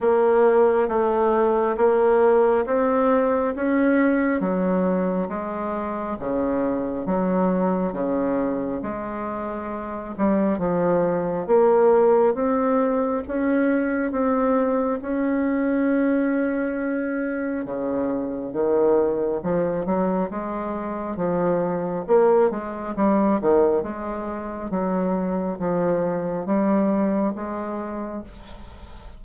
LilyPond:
\new Staff \with { instrumentName = "bassoon" } { \time 4/4 \tempo 4 = 68 ais4 a4 ais4 c'4 | cis'4 fis4 gis4 cis4 | fis4 cis4 gis4. g8 | f4 ais4 c'4 cis'4 |
c'4 cis'2. | cis4 dis4 f8 fis8 gis4 | f4 ais8 gis8 g8 dis8 gis4 | fis4 f4 g4 gis4 | }